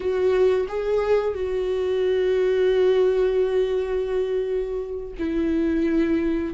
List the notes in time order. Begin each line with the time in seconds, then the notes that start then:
0.00 F#4
0.68 G#4
1.34 F#4
5.18 E4